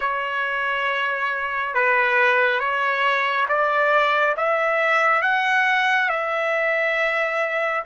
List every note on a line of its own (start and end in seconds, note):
0.00 1.74 C#5
1.74 2.59 B4
2.59 3.46 C#5
3.48 4.35 D5
4.36 5.22 E5
5.22 6.09 F#5
6.09 7.83 E5